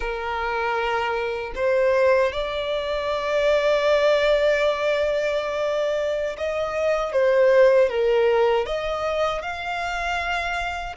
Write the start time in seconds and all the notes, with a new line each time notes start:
0.00 A#4
1.55 C5
2.32 D5
6.37 D#5
7.12 C5
7.89 A#4
8.66 D#5
9.42 F5